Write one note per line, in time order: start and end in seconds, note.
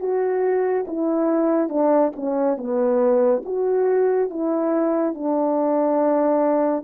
0.00 0.86 F#4
0.88 1.69 E4
1.69 2.12 D4
2.16 2.57 C#4
2.57 3.43 B3
3.45 4.30 F#4
4.30 5.15 E4
5.15 6.84 D4